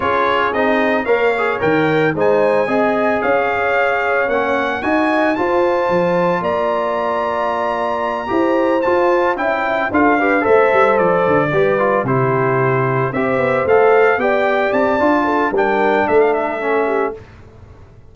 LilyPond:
<<
  \new Staff \with { instrumentName = "trumpet" } { \time 4/4 \tempo 4 = 112 cis''4 dis''4 f''4 g''4 | gis''2 f''2 | fis''4 gis''4 a''2 | ais''1~ |
ais''8 a''4 g''4 f''4 e''8~ | e''8 d''2 c''4.~ | c''8 e''4 f''4 g''4 a''8~ | a''4 g''4 e''16 f''16 e''4. | }
  \new Staff \with { instrumentName = "horn" } { \time 4/4 gis'2 cis''2 | c''4 dis''4 cis''2~ | cis''4 dis''4 c''2 | d''2.~ d''8 c''8~ |
c''4. e''4 a'8 b'8 c''8~ | c''4. b'4 g'4.~ | g'8 c''2 d''4.~ | d''8 a'8 ais'4 a'4. g'8 | }
  \new Staff \with { instrumentName = "trombone" } { \time 4/4 f'4 dis'4 ais'8 gis'8 ais'4 | dis'4 gis'2. | cis'4 fis'4 f'2~ | f'2.~ f'8 g'8~ |
g'8 f'4 e'4 f'8 g'8 a'8~ | a'4. g'8 f'8 e'4.~ | e'8 g'4 a'4 g'4. | f'4 d'2 cis'4 | }
  \new Staff \with { instrumentName = "tuba" } { \time 4/4 cis'4 c'4 ais4 dis4 | gis4 c'4 cis'2 | ais4 dis'4 f'4 f4 | ais2.~ ais8 e'8~ |
e'8 f'4 cis'4 d'4 a8 | g8 f8 d8 g4 c4.~ | c8 c'8 b8 a4 b4 c'8 | d'4 g4 a2 | }
>>